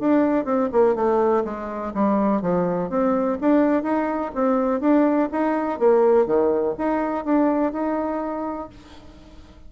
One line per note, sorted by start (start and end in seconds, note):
0.00 0.45 D4
0.45 0.70 C4
0.72 0.96 A#3
0.96 1.44 A3
1.45 1.93 G#3
1.94 2.42 G3
2.42 2.90 F3
2.90 3.38 C4
3.41 3.83 D4
3.83 4.32 D#4
4.35 4.81 C4
4.81 5.29 D4
5.32 5.80 D#4
5.80 6.26 A#3
6.26 6.75 D#3
6.79 7.25 D#4
7.25 7.73 D4
7.73 8.70 D#4